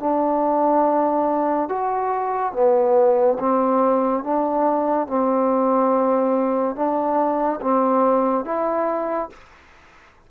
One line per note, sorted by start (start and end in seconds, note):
0.00 1.69 D4
1.69 2.53 F#4
2.53 3.38 B3
3.40 4.24 C4
4.24 5.07 D4
5.07 6.76 C4
6.76 7.60 D4
7.61 8.45 C4
8.45 9.30 E4